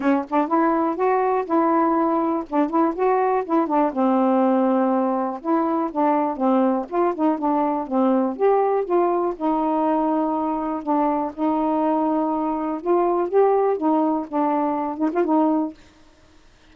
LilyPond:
\new Staff \with { instrumentName = "saxophone" } { \time 4/4 \tempo 4 = 122 cis'8 d'8 e'4 fis'4 e'4~ | e'4 d'8 e'8 fis'4 e'8 d'8 | c'2. e'4 | d'4 c'4 f'8 dis'8 d'4 |
c'4 g'4 f'4 dis'4~ | dis'2 d'4 dis'4~ | dis'2 f'4 g'4 | dis'4 d'4. dis'16 f'16 dis'4 | }